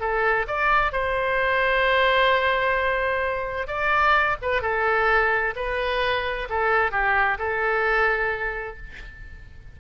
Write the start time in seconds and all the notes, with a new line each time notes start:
0.00 A4
0.47 D5
0.92 C5
3.67 D5
4.42 B4
4.62 A4
5.56 B4
6.50 A4
6.91 G4
7.38 A4